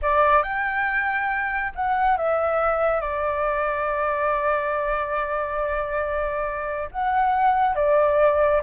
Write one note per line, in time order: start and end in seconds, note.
0.02 0.42 D5
0.42 1.72 G5
1.75 2.17 F#5
2.17 3.00 E5
3.00 6.89 D5
6.91 7.75 F#5
7.75 8.61 D5